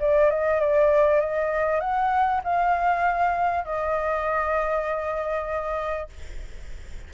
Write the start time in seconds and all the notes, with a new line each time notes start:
0.00 D5
0.30 D#5
0.60 D5
1.20 D#5
1.80 F#5
2.44 F5
3.64 D#5